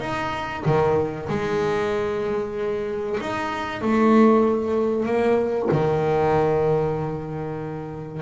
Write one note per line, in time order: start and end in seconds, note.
0.00 0.63 D#4
0.65 1.29 D#3
1.29 3.18 G#3
3.21 3.81 D#4
3.81 5.06 A3
5.06 5.69 A#3
5.71 8.22 D#3